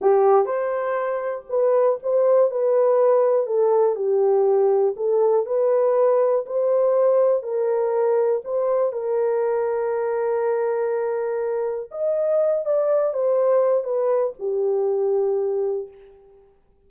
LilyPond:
\new Staff \with { instrumentName = "horn" } { \time 4/4 \tempo 4 = 121 g'4 c''2 b'4 | c''4 b'2 a'4 | g'2 a'4 b'4~ | b'4 c''2 ais'4~ |
ais'4 c''4 ais'2~ | ais'1 | dis''4. d''4 c''4. | b'4 g'2. | }